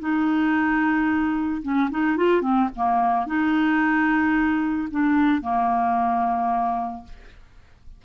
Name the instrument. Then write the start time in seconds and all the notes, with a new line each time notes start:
clarinet
0.00 D#4
1.63 C#4
1.91 D#4
2.17 F4
2.42 C4
2.76 A#3
3.27 D#4
4.91 D4
5.42 A#3